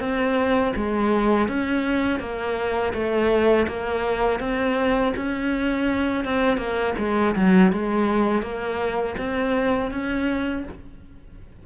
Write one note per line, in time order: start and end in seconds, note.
0.00 0.73 C4
0.76 1.48 G#3
1.48 2.20 C#4
2.20 2.93 A#3
2.93 3.67 A3
3.68 4.40 A#3
4.40 5.13 C4
5.16 6.25 C#4
6.25 6.57 C4
6.57 6.94 A#3
6.98 7.35 G#3
7.36 7.72 F#3
7.72 8.42 G#3
8.42 9.16 A#3
9.18 9.91 C4
9.91 10.64 C#4